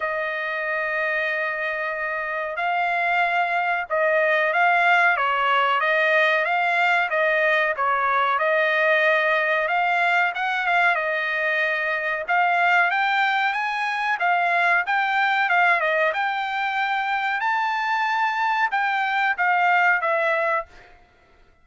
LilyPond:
\new Staff \with { instrumentName = "trumpet" } { \time 4/4 \tempo 4 = 93 dis''1 | f''2 dis''4 f''4 | cis''4 dis''4 f''4 dis''4 | cis''4 dis''2 f''4 |
fis''8 f''8 dis''2 f''4 | g''4 gis''4 f''4 g''4 | f''8 dis''8 g''2 a''4~ | a''4 g''4 f''4 e''4 | }